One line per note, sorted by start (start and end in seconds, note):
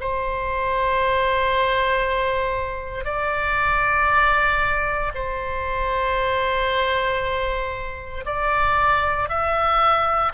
0.00 3.05 C5
3.05 5.12 D5
5.14 8.25 C5
8.25 9.29 D5
9.29 10.32 E5